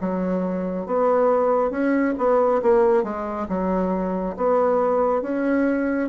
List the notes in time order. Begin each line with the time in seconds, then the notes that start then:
0.00 F#3
0.86 B3
1.70 C#4
2.18 B3
2.62 A#3
3.03 G#3
3.49 F#3
4.37 B3
5.22 C#4